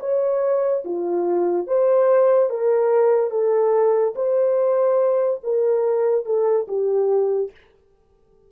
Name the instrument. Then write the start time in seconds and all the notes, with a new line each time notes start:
horn
0.00 C#5
0.84 F4
1.67 C5
2.50 A#4
3.31 A4
4.16 C5
5.43 A#4
6.25 A4
6.68 G4